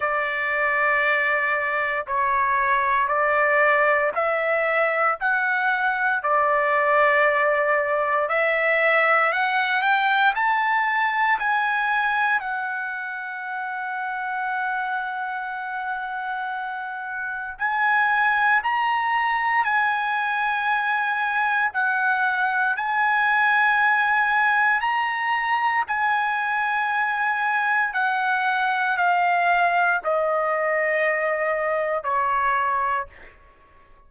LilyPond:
\new Staff \with { instrumentName = "trumpet" } { \time 4/4 \tempo 4 = 58 d''2 cis''4 d''4 | e''4 fis''4 d''2 | e''4 fis''8 g''8 a''4 gis''4 | fis''1~ |
fis''4 gis''4 ais''4 gis''4~ | gis''4 fis''4 gis''2 | ais''4 gis''2 fis''4 | f''4 dis''2 cis''4 | }